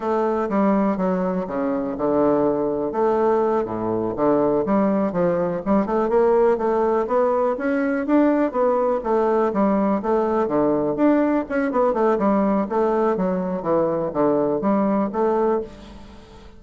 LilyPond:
\new Staff \with { instrumentName = "bassoon" } { \time 4/4 \tempo 4 = 123 a4 g4 fis4 cis4 | d2 a4. a,8~ | a,8 d4 g4 f4 g8 | a8 ais4 a4 b4 cis'8~ |
cis'8 d'4 b4 a4 g8~ | g8 a4 d4 d'4 cis'8 | b8 a8 g4 a4 fis4 | e4 d4 g4 a4 | }